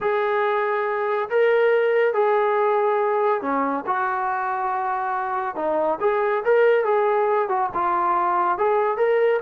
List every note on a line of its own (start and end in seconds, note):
0.00 1.29 G#4
1.29 2.13 A#4
2.13 3.41 G#4
3.41 3.84 C#4
3.86 5.55 F#4
5.55 5.98 D#4
6.00 6.43 G#4
6.44 6.84 A#4
6.84 7.48 G#4
7.48 7.70 F#4
7.74 8.58 F4
8.58 8.97 G#4
8.97 9.40 A#4